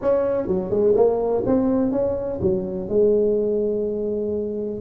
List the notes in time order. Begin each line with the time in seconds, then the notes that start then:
0.01 C#4
0.47 F#3
0.70 G#3
0.95 A#3
1.45 C4
1.91 C#4
2.41 F#3
2.88 G#3